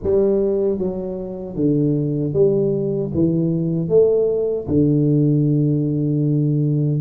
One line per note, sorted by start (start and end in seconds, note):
0.03 0.78 G3
0.78 1.55 F#3
1.55 2.33 D3
2.33 3.11 G3
3.14 3.89 E3
3.89 4.66 A3
4.67 7.01 D3